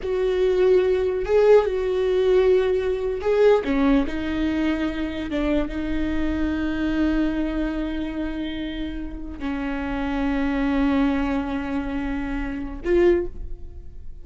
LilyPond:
\new Staff \with { instrumentName = "viola" } { \time 4/4 \tempo 4 = 145 fis'2. gis'4 | fis'2.~ fis'8. gis'16~ | gis'8. cis'4 dis'2~ dis'16~ | dis'8. d'4 dis'2~ dis'16~ |
dis'1~ | dis'2~ dis'8. cis'4~ cis'16~ | cis'1~ | cis'2. f'4 | }